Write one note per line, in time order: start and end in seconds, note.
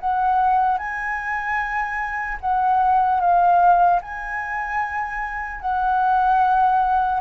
0.00 0.78 F#5
0.78 2.38 G#5
2.41 3.20 F#5
3.20 4.00 F5
4.01 5.60 G#5
5.60 7.20 F#5